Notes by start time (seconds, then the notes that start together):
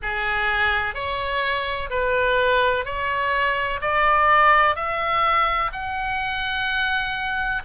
0.02 G#4
0.94 C#5
1.90 B4
2.85 C#5
3.81 D5
4.75 E5
5.72 F#5